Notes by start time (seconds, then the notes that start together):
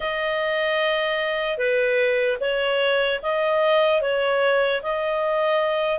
0.00 D#5
1.57 B4
2.40 C#5
3.22 D#5
4.01 C#5
4.82 D#5